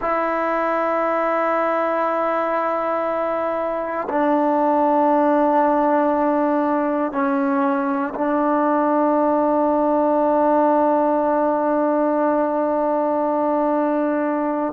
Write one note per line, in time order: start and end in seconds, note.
0.00 4.07 E4
4.09 7.11 D4
7.11 8.13 C#4
8.14 14.73 D4